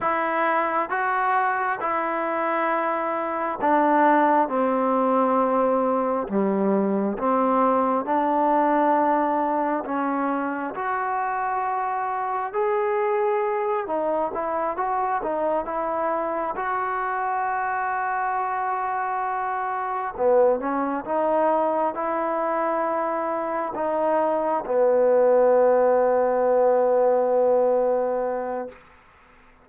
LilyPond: \new Staff \with { instrumentName = "trombone" } { \time 4/4 \tempo 4 = 67 e'4 fis'4 e'2 | d'4 c'2 g4 | c'4 d'2 cis'4 | fis'2 gis'4. dis'8 |
e'8 fis'8 dis'8 e'4 fis'4.~ | fis'2~ fis'8 b8 cis'8 dis'8~ | dis'8 e'2 dis'4 b8~ | b1 | }